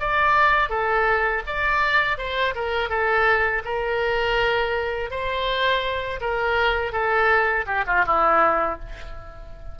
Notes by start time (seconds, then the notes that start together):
0.00 D5
0.70 A4
1.47 D5
2.18 C5
2.55 A#4
2.90 A4
3.65 A#4
5.11 C5
6.21 A#4
6.92 A4
7.66 G4
7.87 F4
8.07 E4